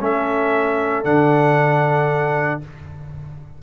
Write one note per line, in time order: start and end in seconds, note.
0.00 1.04 A3
0.00 1.04 C#4
0.00 2.62 A4
0.00 1.04 E5
1.04 2.60 D3
1.04 2.61 D4
1.04 2.61 F#5